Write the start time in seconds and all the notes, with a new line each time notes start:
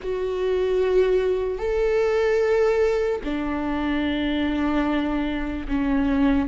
0.02 F#4
1.58 A4
3.24 D4
5.68 C#4